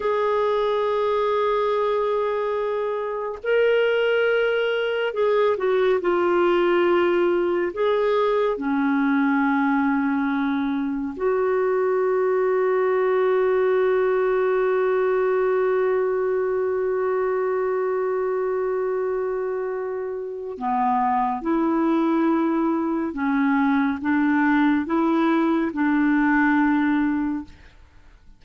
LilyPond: \new Staff \with { instrumentName = "clarinet" } { \time 4/4 \tempo 4 = 70 gis'1 | ais'2 gis'8 fis'8 f'4~ | f'4 gis'4 cis'2~ | cis'4 fis'2.~ |
fis'1~ | fis'1 | b4 e'2 cis'4 | d'4 e'4 d'2 | }